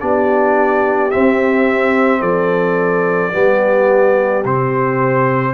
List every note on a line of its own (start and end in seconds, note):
0.00 1.13 B3
0.00 1.11 D4
0.00 2.21 G4
0.00 1.11 D5
1.11 3.33 C4
1.11 2.22 C4
1.11 2.22 E5
2.21 3.33 F3
2.21 3.32 A4
2.21 4.44 D5
3.33 4.45 G3
3.33 4.44 B3
3.33 5.54 G4
4.45 5.54 C3
4.45 5.54 C4
4.45 5.54 C5